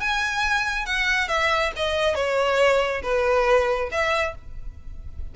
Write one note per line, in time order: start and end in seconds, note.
0.00 0.86 G#5
0.86 1.28 F#5
1.28 1.71 E5
1.76 2.15 D#5
2.15 3.02 C#5
3.02 3.89 B4
3.91 4.35 E5